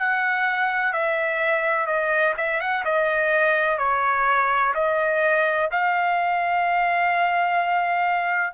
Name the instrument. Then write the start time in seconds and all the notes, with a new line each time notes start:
trumpet
0.00 F#5
0.93 E5
1.87 D#5
2.38 E5
2.61 F#5
2.85 D#5
3.79 C#5
4.75 D#5
5.72 F5